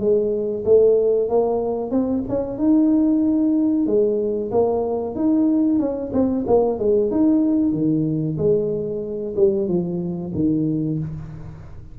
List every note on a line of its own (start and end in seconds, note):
0.00 0.65 G#3
0.65 1.29 A3
1.29 1.91 A#3
1.91 2.24 C4
2.29 2.59 C#4
2.59 3.87 D#4
3.87 4.51 G#3
4.52 5.16 A#3
5.16 5.80 D#4
5.80 6.12 C#4
6.13 6.45 C4
6.47 6.79 A#3
6.79 7.11 G#3
7.11 7.73 D#4
7.73 8.38 D#3
8.38 9.35 G#3
9.36 9.68 G3
9.68 10.33 F3
10.35 10.99 D#3